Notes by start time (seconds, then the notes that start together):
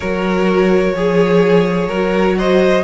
0.00 F#3 F#4 A#4 C#5
0.92 F3 G#4
1.87 F#3 F#4 A#4
2.37 C5 D#5